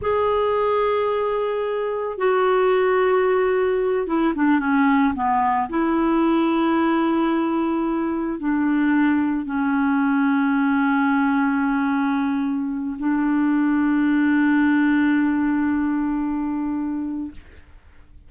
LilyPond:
\new Staff \with { instrumentName = "clarinet" } { \time 4/4 \tempo 4 = 111 gis'1 | fis'2.~ fis'8 e'8 | d'8 cis'4 b4 e'4.~ | e'2.~ e'8 d'8~ |
d'4. cis'2~ cis'8~ | cis'1 | d'1~ | d'1 | }